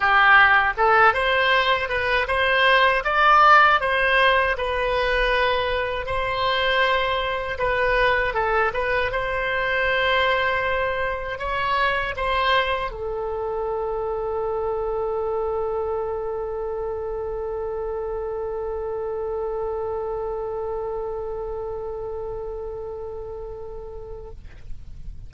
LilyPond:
\new Staff \with { instrumentName = "oboe" } { \time 4/4 \tempo 4 = 79 g'4 a'8 c''4 b'8 c''4 | d''4 c''4 b'2 | c''2 b'4 a'8 b'8 | c''2. cis''4 |
c''4 a'2.~ | a'1~ | a'1~ | a'1 | }